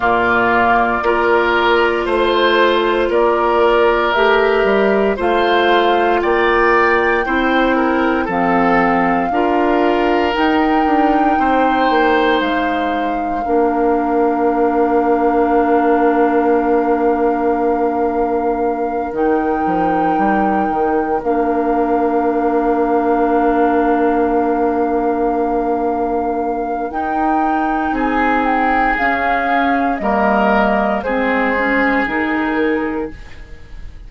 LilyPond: <<
  \new Staff \with { instrumentName = "flute" } { \time 4/4 \tempo 4 = 58 d''2 c''4 d''4 | e''4 f''4 g''2 | f''2 g''2 | f''1~ |
f''2~ f''8 g''4.~ | g''8 f''2.~ f''8~ | f''2 g''4 gis''8 g''8 | f''4 dis''4 c''4 ais'4 | }
  \new Staff \with { instrumentName = "oboe" } { \time 4/4 f'4 ais'4 c''4 ais'4~ | ais'4 c''4 d''4 c''8 ais'8 | a'4 ais'2 c''4~ | c''4 ais'2.~ |
ais'1~ | ais'1~ | ais'2. gis'4~ | gis'4 ais'4 gis'2 | }
  \new Staff \with { instrumentName = "clarinet" } { \time 4/4 ais4 f'2. | g'4 f'2 e'4 | c'4 f'4 dis'2~ | dis'4 d'2.~ |
d'2~ d'8 dis'4.~ | dis'8 d'2.~ d'8~ | d'2 dis'2 | cis'4 ais4 c'8 cis'8 dis'4 | }
  \new Staff \with { instrumentName = "bassoon" } { \time 4/4 ais,4 ais4 a4 ais4 | a8 g8 a4 ais4 c'4 | f4 d'4 dis'8 d'8 c'8 ais8 | gis4 ais2.~ |
ais2~ ais8 dis8 f8 g8 | dis8 ais2.~ ais8~ | ais2 dis'4 c'4 | cis'4 g4 gis4 dis4 | }
>>